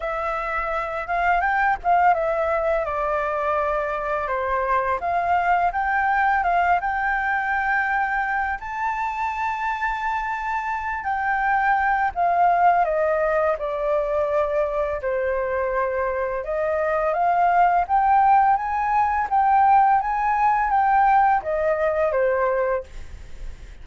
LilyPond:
\new Staff \with { instrumentName = "flute" } { \time 4/4 \tempo 4 = 84 e''4. f''8 g''8 f''8 e''4 | d''2 c''4 f''4 | g''4 f''8 g''2~ g''8 | a''2.~ a''8 g''8~ |
g''4 f''4 dis''4 d''4~ | d''4 c''2 dis''4 | f''4 g''4 gis''4 g''4 | gis''4 g''4 dis''4 c''4 | }